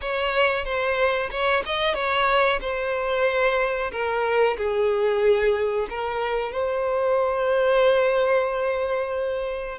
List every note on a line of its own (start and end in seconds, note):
0.01 0.65 C#5
0.65 1.30 C5
1.30 1.63 C#5
1.65 1.94 D#5
1.94 2.59 C#5
2.61 3.91 C5
3.91 4.57 A#4
4.57 5.87 G#4
5.89 6.52 A#4
6.52 9.78 C5